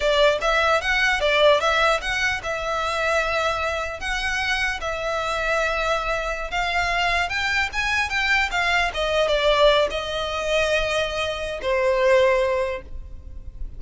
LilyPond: \new Staff \with { instrumentName = "violin" } { \time 4/4 \tempo 4 = 150 d''4 e''4 fis''4 d''4 | e''4 fis''4 e''2~ | e''2 fis''2 | e''1~ |
e''16 f''2 g''4 gis''8.~ | gis''16 g''4 f''4 dis''4 d''8.~ | d''8. dis''2.~ dis''16~ | dis''4 c''2. | }